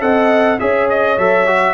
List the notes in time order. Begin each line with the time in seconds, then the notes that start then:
0.00 C4 A4 D#5 F#5
0.59 C#4 G#4 C#5 E5
0.89 D#5
1.18 F#3 A4 E5
1.46 F#4